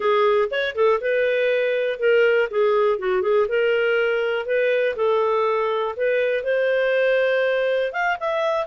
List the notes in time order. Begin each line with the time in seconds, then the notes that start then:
0.00 G#4
0.50 C#5
0.75 A4
1.01 B4
1.99 A#4
2.50 G#4
2.99 F#4
3.21 G#4
3.48 A#4
4.46 B4
4.95 A4
5.96 B4
6.43 C5
7.92 F5
8.20 E5